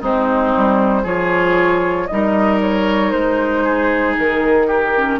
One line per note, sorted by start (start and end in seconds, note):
0.00 0.53 G#3
0.00 1.04 C4
0.00 1.03 D#4
0.00 1.05 C5
0.56 1.04 G3
1.03 2.07 F3
1.03 2.08 F4
1.03 2.06 G#4
1.03 2.06 C#5
2.06 3.12 G3
2.06 4.95 D#4
2.06 3.63 A#4
2.06 2.58 D#5
2.61 3.11 C#5
3.11 4.16 G#3
3.11 4.14 C5
3.63 4.67 G#4
4.16 5.19 D#3
4.16 5.19 A#4
4.67 5.18 G4
4.95 5.19 C#4